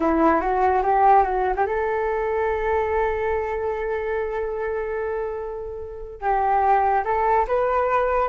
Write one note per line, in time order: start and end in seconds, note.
0.00 0.40 E4
0.40 0.82 F#4
0.82 1.23 G4
1.23 1.54 F#4
1.56 1.66 G4
1.66 6.21 A4
6.21 7.03 G4
7.04 7.46 A4
7.47 8.28 B4